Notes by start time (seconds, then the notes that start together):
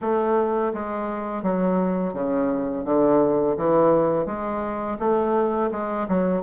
0.01 A3
0.73 G#3
1.43 F#3
2.13 C#3
2.84 D3
3.57 E3
4.26 G#3
4.99 A3
5.71 G#3
6.08 F#3